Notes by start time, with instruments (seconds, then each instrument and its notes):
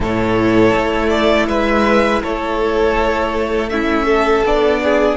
0.00 cello A2, viola E4, violin A4 C#5
0.74 cello A3
1.09 violin D5
1.47 cello G#3, violin B4 E5
2.22 cello A3, violin A4 C#5
3.69 viola C#4, violin E4 E5
4.05 violin A4
4.44 cello B3, viola D4, violin D5
4.83 violin G#4